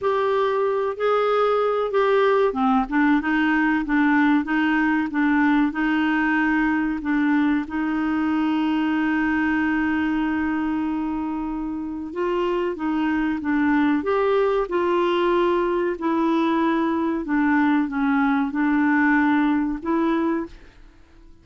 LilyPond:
\new Staff \with { instrumentName = "clarinet" } { \time 4/4 \tempo 4 = 94 g'4. gis'4. g'4 | c'8 d'8 dis'4 d'4 dis'4 | d'4 dis'2 d'4 | dis'1~ |
dis'2. f'4 | dis'4 d'4 g'4 f'4~ | f'4 e'2 d'4 | cis'4 d'2 e'4 | }